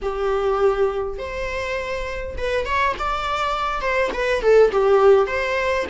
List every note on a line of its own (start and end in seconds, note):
0.02 1.18 G4
1.18 2.36 C5
2.37 2.65 B4
2.65 2.94 C#5
2.98 3.81 D5
3.81 4.10 C5
4.13 4.41 B4
4.41 4.71 A4
4.71 5.26 G4
5.26 5.85 C5